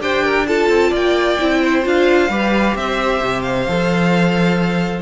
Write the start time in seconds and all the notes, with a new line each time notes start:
0.00 D4 G4 C5 G5
0.24 A#4
0.47 F4 A4 A5
0.68 C4
0.90 A#3 D5 G5
1.39 C4 E4
1.62 C5
1.83 D4 F4 F5
2.29 G3 G4 B4
2.75 C4 C5 E5
3.22 C3
3.42 F5
3.67 F3 A4